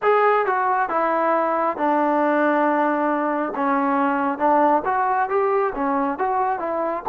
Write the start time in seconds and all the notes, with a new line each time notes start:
0.02 G#4
0.46 F#4
0.89 E4
1.76 D4
3.55 C#4
4.38 D4
4.84 F#4
5.29 G4
5.74 C#4
6.18 F#4
6.59 E4